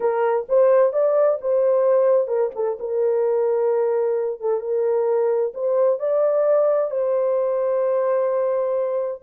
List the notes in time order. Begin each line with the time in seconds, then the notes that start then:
0.00 A#4
0.48 C5
0.92 D5
1.41 C5
2.27 A#4
2.55 A4
2.79 A#4
4.40 A4
4.60 A#4
5.54 C5
5.99 D5
6.91 C5